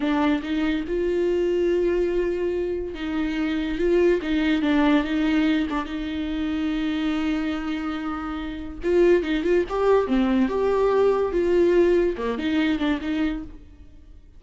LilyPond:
\new Staff \with { instrumentName = "viola" } { \time 4/4 \tempo 4 = 143 d'4 dis'4 f'2~ | f'2. dis'4~ | dis'4 f'4 dis'4 d'4 | dis'4. d'8 dis'2~ |
dis'1~ | dis'4 f'4 dis'8 f'8 g'4 | c'4 g'2 f'4~ | f'4 ais8 dis'4 d'8 dis'4 | }